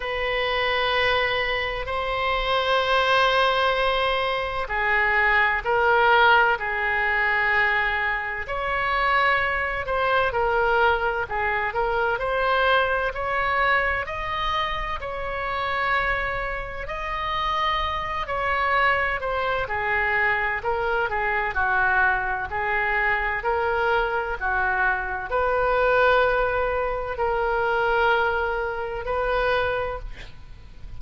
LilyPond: \new Staff \with { instrumentName = "oboe" } { \time 4/4 \tempo 4 = 64 b'2 c''2~ | c''4 gis'4 ais'4 gis'4~ | gis'4 cis''4. c''8 ais'4 | gis'8 ais'8 c''4 cis''4 dis''4 |
cis''2 dis''4. cis''8~ | cis''8 c''8 gis'4 ais'8 gis'8 fis'4 | gis'4 ais'4 fis'4 b'4~ | b'4 ais'2 b'4 | }